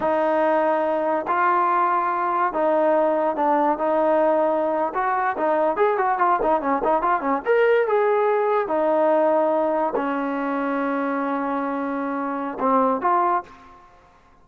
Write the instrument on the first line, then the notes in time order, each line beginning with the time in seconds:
trombone
0.00 D#4
1.27 F4
2.53 D#4
3.36 D4
3.77 D#4
4.94 F#4
5.37 D#4
5.76 G#4
5.97 F#4
6.18 F4
6.42 D#4
6.61 C#4
6.84 D#4
7.02 F4
7.21 C#4
7.45 A#4
7.87 G#4
8.67 D#4
9.95 C#4
12.59 C4
13.01 F4